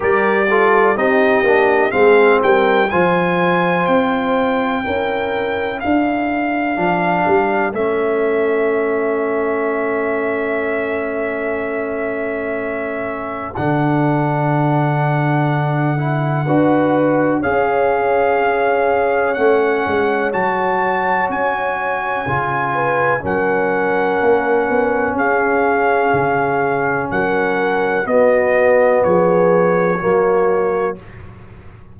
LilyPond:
<<
  \new Staff \with { instrumentName = "trumpet" } { \time 4/4 \tempo 4 = 62 d''4 dis''4 f''8 g''8 gis''4 | g''2 f''2 | e''1~ | e''2 fis''2~ |
fis''2 f''2 | fis''4 a''4 gis''2 | fis''2 f''2 | fis''4 dis''4 cis''2 | }
  \new Staff \with { instrumentName = "horn" } { \time 4/4 ais'8 a'8 g'4 gis'8 ais'8 c''4~ | c''4 ais'4 a'2~ | a'1~ | a'1~ |
a'4 b'4 cis''2~ | cis''2.~ cis''8 b'8 | ais'2 gis'2 | ais'4 fis'4 gis'4 fis'4 | }
  \new Staff \with { instrumentName = "trombone" } { \time 4/4 g'8 f'8 dis'8 d'8 c'4 f'4~ | f'4 e'2 d'4 | cis'1~ | cis'2 d'2~ |
d'8 e'8 fis'4 gis'2 | cis'4 fis'2 f'4 | cis'1~ | cis'4 b2 ais4 | }
  \new Staff \with { instrumentName = "tuba" } { \time 4/4 g4 c'8 ais8 gis8 g8 f4 | c'4 cis'4 d'4 f8 g8 | a1~ | a2 d2~ |
d4 d'4 cis'2 | a8 gis8 fis4 cis'4 cis4 | fis4 ais8 b8 cis'4 cis4 | fis4 b4 f4 fis4 | }
>>